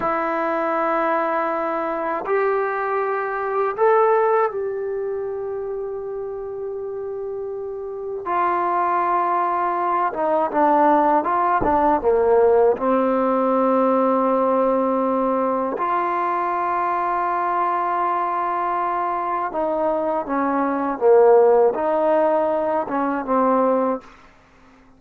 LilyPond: \new Staff \with { instrumentName = "trombone" } { \time 4/4 \tempo 4 = 80 e'2. g'4~ | g'4 a'4 g'2~ | g'2. f'4~ | f'4. dis'8 d'4 f'8 d'8 |
ais4 c'2.~ | c'4 f'2.~ | f'2 dis'4 cis'4 | ais4 dis'4. cis'8 c'4 | }